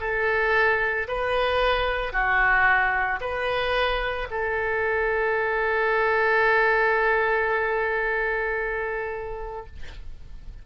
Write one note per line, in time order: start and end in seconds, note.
0.00 1.07 A4
1.08 2.12 B4
2.12 3.19 F#4
3.20 4.28 B4
4.31 9.66 A4